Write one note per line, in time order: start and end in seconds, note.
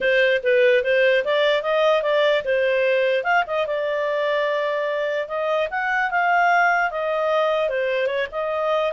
0.01 0.41 C5
0.43 0.83 B4
0.83 1.24 C5
1.24 1.62 D5
1.62 2.02 D#5
2.02 2.43 D5
2.44 3.23 C5
3.23 3.43 F5
3.46 3.66 D#5
3.66 5.28 D5
5.28 5.68 D#5
5.70 6.10 F#5
6.10 6.90 F5
6.90 7.69 D#5
7.69 8.06 C5
8.06 8.26 C#5
8.31 8.92 D#5